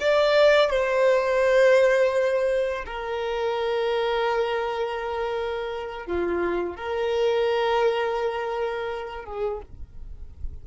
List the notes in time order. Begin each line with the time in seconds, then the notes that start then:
0.00 D5
0.70 C5
2.86 A#4
6.06 F4
6.76 A#4
9.25 G#4